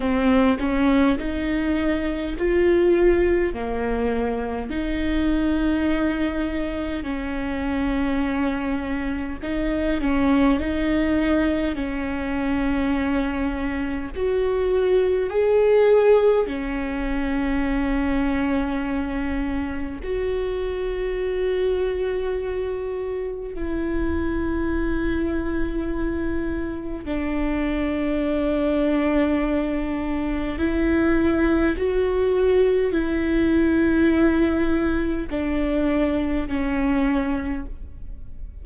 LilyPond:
\new Staff \with { instrumentName = "viola" } { \time 4/4 \tempo 4 = 51 c'8 cis'8 dis'4 f'4 ais4 | dis'2 cis'2 | dis'8 cis'8 dis'4 cis'2 | fis'4 gis'4 cis'2~ |
cis'4 fis'2. | e'2. d'4~ | d'2 e'4 fis'4 | e'2 d'4 cis'4 | }